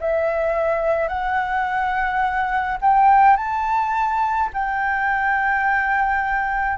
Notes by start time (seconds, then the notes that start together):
0.00 E5
1.08 F#5
2.81 G5
3.36 A5
4.53 G5